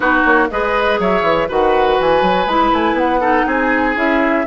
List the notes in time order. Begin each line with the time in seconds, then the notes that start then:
0.00 B3 D#4 F#4 B4
0.25 A#3 C#5
0.50 G#3 G#4 B4 D#5
0.99 F#3 C#5 E5
1.21 E3
1.48 D#3 F#4 B4 F#5
2.00 E3 G#5
2.21 F#3
2.46 G#3 E4 B5
2.73 A3 G#5
2.93 B3 F#5
3.20 D#4 A4
3.46 C4 G#4 G#5
3.95 C#4 E4 E5